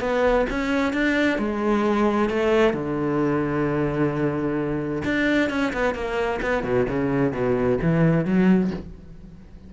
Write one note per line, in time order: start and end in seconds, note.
0.00 0.46 B3
0.50 0.93 C#4
0.93 1.38 D4
1.38 2.29 G#3
2.29 2.73 A3
2.73 5.02 D3
5.04 5.49 D4
5.49 5.72 C#4
5.73 5.94 B3
5.94 6.40 A#3
6.42 6.63 B3
6.63 6.86 B2
6.89 7.32 C#3
7.32 7.78 B2
7.82 8.25 E3
8.25 8.71 F#3